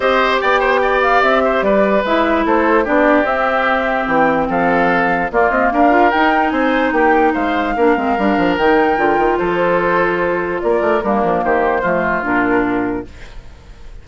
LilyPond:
<<
  \new Staff \with { instrumentName = "flute" } { \time 4/4 \tempo 4 = 147 dis''4 g''4. f''8 e''4 | d''4 e''4 c''4 d''4 | e''2 g''4 f''4~ | f''4 d''8 dis''8 f''4 g''4 |
gis''4 g''4 f''2~ | f''4 g''2 c''4~ | c''2 d''4 ais'4 | c''2 ais'2 | }
  \new Staff \with { instrumentName = "oboe" } { \time 4/4 c''4 d''8 c''8 d''4. c''8 | b'2 a'4 g'4~ | g'2. a'4~ | a'4 f'4 ais'2 |
c''4 g'4 c''4 ais'4~ | ais'2. a'4~ | a'2 ais'4 d'4 | g'4 f'2. | }
  \new Staff \with { instrumentName = "clarinet" } { \time 4/4 g'1~ | g'4 e'2 d'4 | c'1~ | c'4 ais4. f'8 dis'4~ |
dis'2. d'8 c'8 | d'4 dis'4 f'2~ | f'2. ais4~ | ais4 a4 d'2 | }
  \new Staff \with { instrumentName = "bassoon" } { \time 4/4 c'4 b2 c'4 | g4 gis4 a4 b4 | c'2 e4 f4~ | f4 ais8 c'8 d'4 dis'4 |
c'4 ais4 gis4 ais8 gis8 | g8 f8 dis4 d8 dis8 f4~ | f2 ais8 a8 g8 f8 | dis4 f4 ais,2 | }
>>